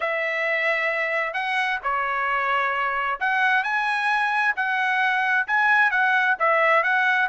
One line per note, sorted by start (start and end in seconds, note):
0.00 1.33 E5
1.33 1.79 F#5
1.83 3.19 C#5
3.20 3.63 F#5
3.63 4.54 G#5
4.56 5.47 F#5
5.47 5.90 G#5
5.90 6.36 F#5
6.39 6.83 E5
6.83 7.29 F#5